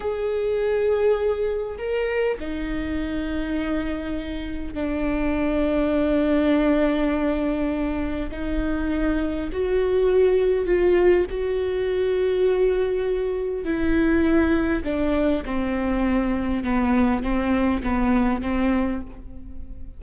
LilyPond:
\new Staff \with { instrumentName = "viola" } { \time 4/4 \tempo 4 = 101 gis'2. ais'4 | dis'1 | d'1~ | d'2 dis'2 |
fis'2 f'4 fis'4~ | fis'2. e'4~ | e'4 d'4 c'2 | b4 c'4 b4 c'4 | }